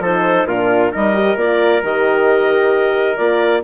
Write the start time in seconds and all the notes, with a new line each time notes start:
0.00 F3 D#4 A4 C5
0.46 A#2 D4 F4 A#4
0.92 G3 D#4 A#4 D#5
1.14 G4
1.37 A#3 F4 D5
1.83 D#3 G4 D#5
3.17 A#3 F4 D5